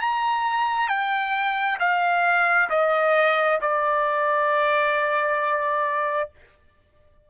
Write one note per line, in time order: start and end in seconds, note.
0.00 0.88 A#5
0.88 1.77 G5
1.79 2.69 F5
2.69 3.59 D#5
3.61 6.29 D5